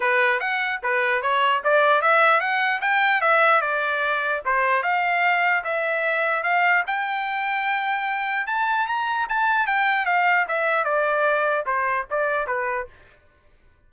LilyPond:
\new Staff \with { instrumentName = "trumpet" } { \time 4/4 \tempo 4 = 149 b'4 fis''4 b'4 cis''4 | d''4 e''4 fis''4 g''4 | e''4 d''2 c''4 | f''2 e''2 |
f''4 g''2.~ | g''4 a''4 ais''4 a''4 | g''4 f''4 e''4 d''4~ | d''4 c''4 d''4 b'4 | }